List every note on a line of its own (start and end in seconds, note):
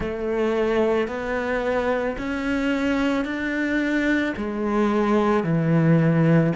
0.00 1.07 A3
1.07 2.16 B3
2.18 3.24 C#4
3.24 4.33 D4
4.36 5.43 G#3
5.43 6.52 E3